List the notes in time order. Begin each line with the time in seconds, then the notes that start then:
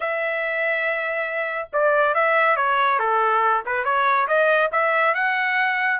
0.00 E5
1.72 D5
2.14 E5
2.56 C#5
2.99 A4
3.65 B4
3.84 C#5
4.27 D#5
4.72 E5
5.14 F#5